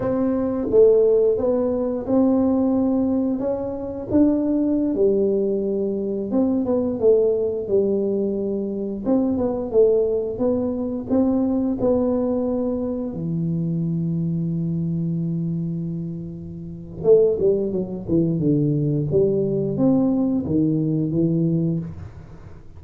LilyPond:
\new Staff \with { instrumentName = "tuba" } { \time 4/4 \tempo 4 = 88 c'4 a4 b4 c'4~ | c'4 cis'4 d'4~ d'16 g8.~ | g4~ g16 c'8 b8 a4 g8.~ | g4~ g16 c'8 b8 a4 b8.~ |
b16 c'4 b2 e8.~ | e1~ | e4 a8 g8 fis8 e8 d4 | g4 c'4 dis4 e4 | }